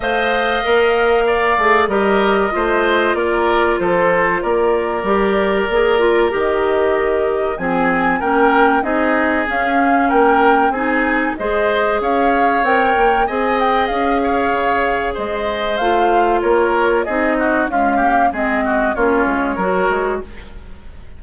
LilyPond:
<<
  \new Staff \with { instrumentName = "flute" } { \time 4/4 \tempo 4 = 95 f''2. dis''4~ | dis''4 d''4 c''4 d''4~ | d''2 dis''2 | gis''4 g''4 dis''4 f''4 |
g''4 gis''4 dis''4 f''4 | g''4 gis''8 g''8 f''2 | dis''4 f''4 cis''4 dis''4 | f''4 dis''4 cis''2 | }
  \new Staff \with { instrumentName = "oboe" } { \time 4/4 dis''2 d''4 ais'4 | c''4 ais'4 a'4 ais'4~ | ais'1 | gis'4 ais'4 gis'2 |
ais'4 gis'4 c''4 cis''4~ | cis''4 dis''4. cis''4. | c''2 ais'4 gis'8 fis'8 | f'8 g'8 gis'8 fis'8 f'4 ais'4 | }
  \new Staff \with { instrumentName = "clarinet" } { \time 4/4 c''4 ais'4. gis'8 g'4 | f'1 | g'4 gis'8 f'8 g'2 | c'4 cis'4 dis'4 cis'4~ |
cis'4 dis'4 gis'2 | ais'4 gis'2.~ | gis'4 f'2 dis'4 | gis8 ais8 c'4 cis'4 fis'4 | }
  \new Staff \with { instrumentName = "bassoon" } { \time 4/4 a4 ais4. a8 g4 | a4 ais4 f4 ais4 | g4 ais4 dis2 | f4 ais4 c'4 cis'4 |
ais4 c'4 gis4 cis'4 | c'8 ais8 c'4 cis'4 cis4 | gis4 a4 ais4 c'4 | cis'4 gis4 ais8 gis8 fis8 gis8 | }
>>